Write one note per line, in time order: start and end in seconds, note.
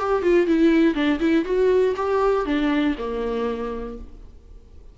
0.00 0.23 G4
0.23 0.47 F4
0.47 0.95 E4
0.95 1.20 D4
1.20 1.45 E4
1.45 1.95 F#4
1.96 2.46 G4
2.46 2.96 D4
2.98 3.98 A#3